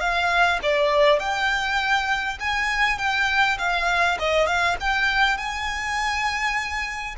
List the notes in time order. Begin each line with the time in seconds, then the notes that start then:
0.00 F5
0.62 D5
1.19 G5
2.40 G#5
2.98 G5
3.58 F5
4.19 D#5
4.46 F5
4.80 G5
5.37 G#5